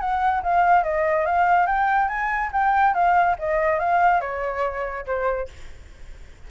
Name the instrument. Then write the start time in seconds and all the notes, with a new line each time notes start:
flute
0.00 F#5
0.42 F5
0.84 D#5
1.26 F5
1.66 G5
2.08 G#5
2.52 G5
2.94 F5
3.39 D#5
3.79 F5
4.21 C#5
5.06 C5